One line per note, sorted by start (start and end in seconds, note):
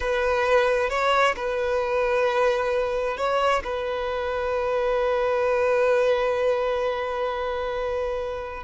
0.00 0.89 B4
0.89 1.35 C#5
1.36 3.17 B4
3.17 3.62 C#5
3.64 8.63 B4